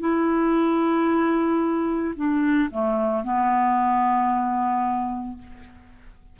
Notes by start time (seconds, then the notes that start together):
0.00 E4
2.16 D4
2.71 A3
3.24 B3